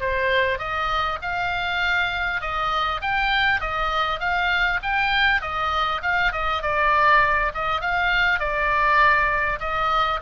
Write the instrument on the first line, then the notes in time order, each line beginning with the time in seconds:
oboe
0.00 C5
0.58 D#5
1.22 F5
2.41 D#5
3.01 G5
3.61 D#5
4.20 F5
4.83 G5
5.41 D#5
6.02 F5
6.32 D#5
6.62 D5
7.54 D#5
7.81 F5
8.39 D5
9.60 D#5